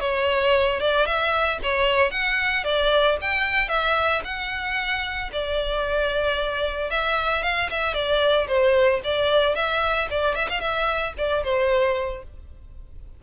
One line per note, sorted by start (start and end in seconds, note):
0.00 0.80 C#5
0.80 1.05 D5
1.05 1.59 E5
1.62 2.10 C#5
2.10 2.64 F#5
2.64 3.17 D5
3.21 3.68 G5
3.68 4.21 E5
4.24 5.30 F#5
5.32 6.90 D5
6.90 7.43 E5
7.43 7.69 F5
7.70 7.94 E5
7.94 8.47 D5
8.47 9.00 C5
9.04 9.55 D5
9.55 10.08 E5
10.10 10.35 D5
10.35 10.48 E5
10.49 10.60 F5
10.60 11.13 E5
11.17 11.43 D5
11.43 12.23 C5